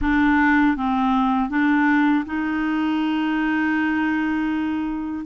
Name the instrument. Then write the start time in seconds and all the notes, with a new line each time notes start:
clarinet
0.01 D4
0.76 C4
1.49 D4
2.25 D#4